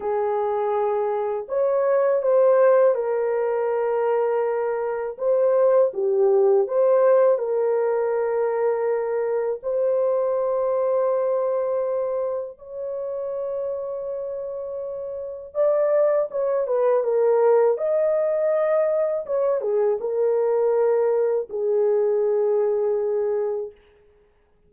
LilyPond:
\new Staff \with { instrumentName = "horn" } { \time 4/4 \tempo 4 = 81 gis'2 cis''4 c''4 | ais'2. c''4 | g'4 c''4 ais'2~ | ais'4 c''2.~ |
c''4 cis''2.~ | cis''4 d''4 cis''8 b'8 ais'4 | dis''2 cis''8 gis'8 ais'4~ | ais'4 gis'2. | }